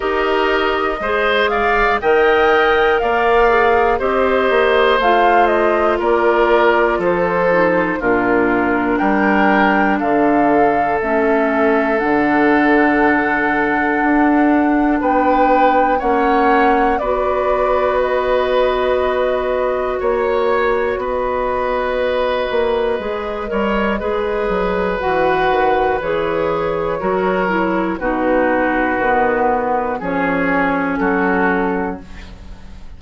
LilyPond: <<
  \new Staff \with { instrumentName = "flute" } { \time 4/4 \tempo 4 = 60 dis''4. f''8 g''4 f''4 | dis''4 f''8 dis''8 d''4 c''4 | ais'4 g''4 f''4 e''4 | fis''2. g''4 |
fis''4 d''4 dis''2 | cis''4 dis''2.~ | dis''4 fis''4 cis''2 | b'2 cis''4 a'4 | }
  \new Staff \with { instrumentName = "oboe" } { \time 4/4 ais'4 c''8 d''8 dis''4 d''4 | c''2 ais'4 a'4 | f'4 ais'4 a'2~ | a'2. b'4 |
cis''4 b'2. | cis''4 b'2~ b'8 cis''8 | b'2. ais'4 | fis'2 gis'4 fis'4 | }
  \new Staff \with { instrumentName = "clarinet" } { \time 4/4 g'4 gis'4 ais'4. gis'8 | g'4 f'2~ f'8 dis'8 | d'2. cis'4 | d'1 |
cis'4 fis'2.~ | fis'2. gis'8 ais'8 | gis'4 fis'4 gis'4 fis'8 e'8 | dis'4 b4 cis'2 | }
  \new Staff \with { instrumentName = "bassoon" } { \time 4/4 dis'4 gis4 dis4 ais4 | c'8 ais8 a4 ais4 f4 | ais,4 g4 d4 a4 | d2 d'4 b4 |
ais4 b2. | ais4 b4. ais8 gis8 g8 | gis8 fis8 e8 dis8 e4 fis4 | b,4 dis4 f4 fis4 | }
>>